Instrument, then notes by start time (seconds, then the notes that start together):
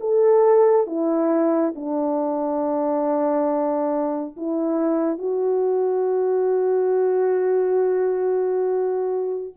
horn
0.00 A4
0.87 E4
1.75 D4
4.36 E4
5.19 F#4